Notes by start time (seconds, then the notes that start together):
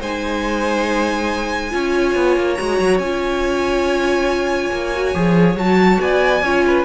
0.00 G#3 D#4 C5 G#5
1.71 C#4 F4 C#5
2.16 B3
2.37 A#3
2.55 G#3 F#4 A#5
2.80 F#3
2.99 C#4 F4 G#5
4.72 A#3
4.94 F#4
5.14 F3 G#4
5.56 F#3 F#4 A5
6.00 B3 D5 G#5
6.42 C#4 F4 C#5
6.67 B4